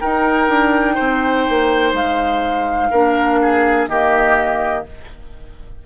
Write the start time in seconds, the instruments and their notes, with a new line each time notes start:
0.00 clarinet D#4, bassoon D#4, oboe A#4, flute G5
0.48 bassoon D4
0.95 bassoon C4, oboe C5
1.48 bassoon A#3
1.93 bassoon G#3, flute F5
2.91 bassoon A#3, clarinet D4, oboe A#4
3.42 oboe G#4
3.87 bassoon D#3, clarinet A#3, oboe G4, flute D#5